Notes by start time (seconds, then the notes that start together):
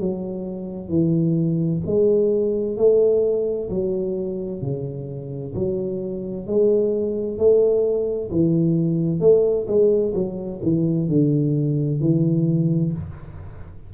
0.00 F#3
0.89 E3
1.86 G#3
2.77 A3
3.70 F#3
4.62 C#3
5.54 F#3
6.47 G#3
7.38 A3
8.31 E3
9.20 A3
9.67 G#3
10.15 F#3
10.62 E3
11.09 D3
12.00 E3